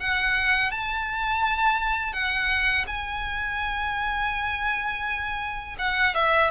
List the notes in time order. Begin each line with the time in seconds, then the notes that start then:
0.00 F#5
0.71 A5
2.13 F#5
2.87 G#5
5.79 F#5
6.15 E5